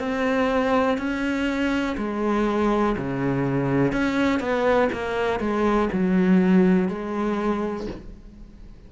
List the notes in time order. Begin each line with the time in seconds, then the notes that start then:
0.00 C4
0.98 C#4
1.98 G#3
2.98 C#3
3.93 C#4
4.40 B3
4.93 A#3
5.40 G#3
5.93 F#3
6.89 G#3